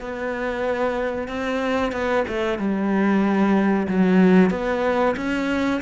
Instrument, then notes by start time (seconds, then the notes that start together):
cello
0.00 B3
1.28 C4
1.91 B3
2.28 A3
2.58 G3
3.88 F#3
4.50 B3
5.16 C#4